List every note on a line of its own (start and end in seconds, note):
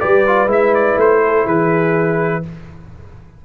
0.00 0.47 G3
0.00 0.25 G4
0.00 1.22 B4
0.00 0.49 D5
0.27 0.48 F4
0.47 0.96 G#3
0.47 2.43 E4
0.47 0.75 E5
0.75 0.99 D5
0.97 1.46 A3
0.97 1.47 C5
1.26 1.45 A4
1.45 2.44 E3
1.45 2.42 G#4
1.45 2.45 B4